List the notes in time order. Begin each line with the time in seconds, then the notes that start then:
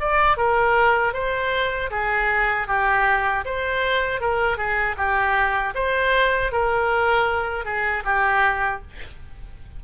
0.00 D5
0.37 A#4
1.14 C5
1.91 G#4
2.68 G4
3.45 C5
4.21 A#4
4.58 G#4
4.97 G4
5.75 C5
6.52 A#4
7.65 G#4
8.05 G4